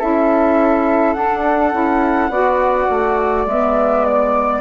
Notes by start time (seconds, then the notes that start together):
0.00 C#4 E4 A4 E5
1.14 D4 F#5
1.73 C#4 E4
2.29 B3 F#4 D5
2.90 A3
3.46 G#3 B3 E5
4.05 D5